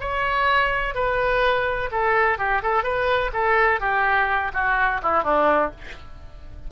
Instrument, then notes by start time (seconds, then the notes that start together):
oboe
0.00 C#5
0.95 B4
1.91 A4
2.38 G4
2.63 A4
2.83 B4
3.33 A4
3.80 G4
4.53 F#4
5.02 E4
5.23 D4